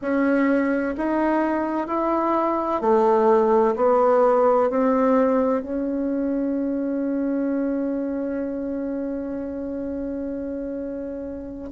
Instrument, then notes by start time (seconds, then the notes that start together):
bassoon
0.01 C#4
0.97 D#4
1.87 E4
2.81 A3
3.76 B3
4.70 C4
5.62 C#4